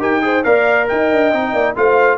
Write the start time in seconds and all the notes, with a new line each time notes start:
0.00 D#4 G4 A#4 G5
0.22 G#4 C5
0.44 A#3 A#4 D5 F5
0.89 D#4 D#5 G5
1.12 D4
1.33 C4 D#4
1.54 A#3 D5
1.76 A3 F4 C5 F5